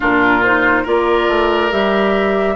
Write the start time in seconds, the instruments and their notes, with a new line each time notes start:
0.00 bassoon A#2, clarinet D4, oboe F4, flute A#4
0.43 clarinet D#4, flute C5
0.82 bassoon A#3, clarinet F4, oboe A#4, flute D5
1.28 bassoon A3
1.70 bassoon G3, clarinet G4, flute E5